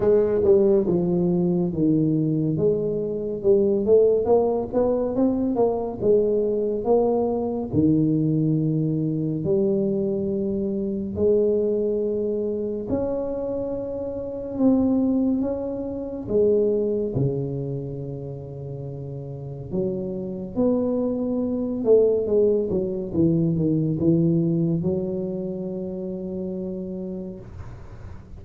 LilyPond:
\new Staff \with { instrumentName = "tuba" } { \time 4/4 \tempo 4 = 70 gis8 g8 f4 dis4 gis4 | g8 a8 ais8 b8 c'8 ais8 gis4 | ais4 dis2 g4~ | g4 gis2 cis'4~ |
cis'4 c'4 cis'4 gis4 | cis2. fis4 | b4. a8 gis8 fis8 e8 dis8 | e4 fis2. | }